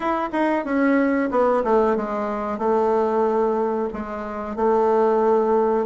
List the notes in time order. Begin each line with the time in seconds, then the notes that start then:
0.00 E4
0.32 D#4
0.64 C#4
1.30 B3
1.64 A3
1.96 G#3
2.58 A3
3.93 G#3
4.56 A3